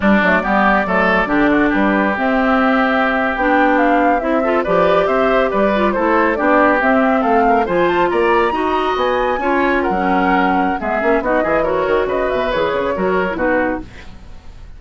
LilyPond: <<
  \new Staff \with { instrumentName = "flute" } { \time 4/4 \tempo 4 = 139 d''1 | b'4 e''2~ e''8. g''16~ | g''8. f''4 e''4 d''4 e''16~ | e''8. d''4 c''4 d''4 e''16~ |
e''8. f''4 gis''8 a''8 ais''4~ ais''16~ | ais''8. gis''2 fis''4~ fis''16~ | fis''4 e''4 dis''4 cis''4 | dis''8 e''8 cis''2 b'4 | }
  \new Staff \with { instrumentName = "oboe" } { \time 4/4 d'4 g'4 a'4 g'8 fis'8 | g'1~ | g'2~ g'16 a'8 b'4 c''16~ | c''8. b'4 a'4 g'4~ g'16~ |
g'8. a'8 ais'8 c''4 d''4 dis''16~ | dis''4.~ dis''16 cis''4 ais'4~ ais'16~ | ais'4 gis'4 fis'8 gis'8 ais'4 | b'2 ais'4 fis'4 | }
  \new Staff \with { instrumentName = "clarinet" } { \time 4/4 g8 a8 b4 a4 d'4~ | d'4 c'2~ c'8. d'16~ | d'4.~ d'16 e'8 f'8 g'4~ g'16~ | g'4~ g'16 f'8 e'4 d'4 c'16~ |
c'4.~ c'16 f'2 fis'16~ | fis'4.~ fis'16 f'4~ f'16 cis'4~ | cis'4 b8 cis'8 dis'8 e'8 fis'4~ | fis'4 gis'4 fis'8. e'16 dis'4 | }
  \new Staff \with { instrumentName = "bassoon" } { \time 4/4 g8 fis8 g4 fis4 d4 | g4 c'2~ c'8. b16~ | b4.~ b16 c'4 f4 c'16~ | c'8. g4 a4 b4 c'16~ |
c'8. a4 f4 ais4 dis'16~ | dis'8. b4 cis'4~ cis'16 fis4~ | fis4 gis8 ais8 b8 e4 dis8 | cis8 b,8 e8 cis8 fis4 b,4 | }
>>